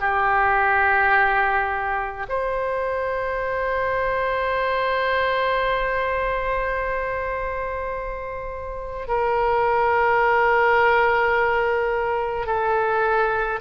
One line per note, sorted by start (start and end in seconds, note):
0.00 2.26 G4
2.28 9.07 C5
9.07 12.46 A#4
12.46 13.60 A4